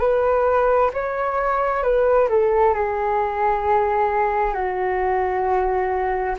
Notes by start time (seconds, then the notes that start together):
0.00 B4
0.94 C#5
1.83 B4
2.29 A4
2.75 G#4
4.54 F#4